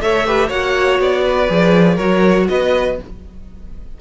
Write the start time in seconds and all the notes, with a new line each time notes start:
0.00 A3 A4 C#5 E5
0.26 G4 B4
0.47 A#3 F#4 C#5 F#5
0.99 B3 D5
1.25 B4
1.48 F3 G#4
1.95 F#3 F#4 A#4 C#5
2.48 B3 B4 D#5